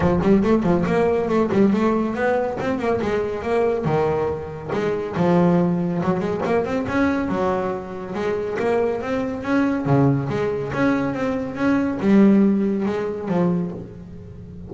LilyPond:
\new Staff \with { instrumentName = "double bass" } { \time 4/4 \tempo 4 = 140 f8 g8 a8 f8 ais4 a8 g8 | a4 b4 c'8 ais8 gis4 | ais4 dis2 gis4 | f2 fis8 gis8 ais8 c'8 |
cis'4 fis2 gis4 | ais4 c'4 cis'4 cis4 | gis4 cis'4 c'4 cis'4 | g2 gis4 f4 | }